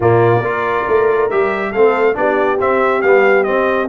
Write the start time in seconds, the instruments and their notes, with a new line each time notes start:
0.00 tuba A#2, trombone A#3, horn F4, trumpet D5
0.39 tuba A#3, trombone F4, horn A#4
0.88 tuba A3
1.30 tuba G3, trombone G4, trumpet E5
1.72 tuba A3, trombone C4, horn A4, trumpet F5
2.14 tuba B3, trombone D4, horn G4, trumpet D5
2.59 trombone C4, tuba C4, trumpet E5
3.01 tuba G3, trombone B3, trumpet F5
3.43 trombone C4, tuba C4, trumpet D#5